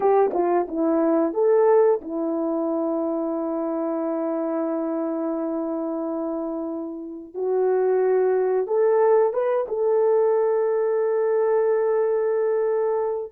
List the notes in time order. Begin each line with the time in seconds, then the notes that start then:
0.00 G4
0.33 F4
0.68 E4
1.33 A4
2.02 E4
7.34 F#4
8.67 A4
9.33 B4
9.68 A4